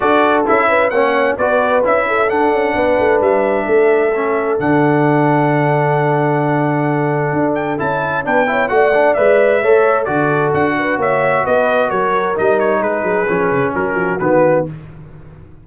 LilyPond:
<<
  \new Staff \with { instrumentName = "trumpet" } { \time 4/4 \tempo 4 = 131 d''4 e''4 fis''4 d''4 | e''4 fis''2 e''4~ | e''2 fis''2~ | fis''1~ |
fis''8 g''8 a''4 g''4 fis''4 | e''2 d''4 fis''4 | e''4 dis''4 cis''4 dis''8 cis''8 | b'2 ais'4 b'4 | }
  \new Staff \with { instrumentName = "horn" } { \time 4/4 a'4. b'8 cis''4 b'4~ | b'8 a'4. b'2 | a'1~ | a'1~ |
a'2 b'8 cis''8 d''4~ | d''4 cis''4 a'4. b'8 | cis''4 b'4 ais'2 | gis'2 fis'2 | }
  \new Staff \with { instrumentName = "trombone" } { \time 4/4 fis'4 e'4 cis'4 fis'4 | e'4 d'2.~ | d'4 cis'4 d'2~ | d'1~ |
d'4 e'4 d'8 e'8 fis'8 d'8 | b'4 a'4 fis'2~ | fis'2. dis'4~ | dis'4 cis'2 b4 | }
  \new Staff \with { instrumentName = "tuba" } { \time 4/4 d'4 cis'4 ais4 b4 | cis'4 d'8 cis'8 b8 a8 g4 | a2 d2~ | d1 |
d'4 cis'4 b4 a4 | gis4 a4 d4 d'4 | ais4 b4 fis4 g4 | gis8 fis8 f8 cis8 fis8 f8 dis4 | }
>>